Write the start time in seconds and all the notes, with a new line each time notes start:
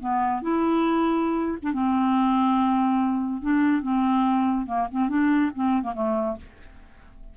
0.00 B3
0.42 E4
1.62 D4
1.73 C4
3.42 D4
3.82 C4
4.67 A#3
4.91 C4
5.09 D4
5.55 C4
5.83 A#3
5.95 A3